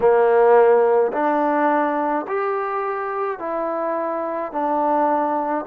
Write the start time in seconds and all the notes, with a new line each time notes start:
0.00 A#3
1.13 D4
2.27 G4
3.38 E4
4.51 D4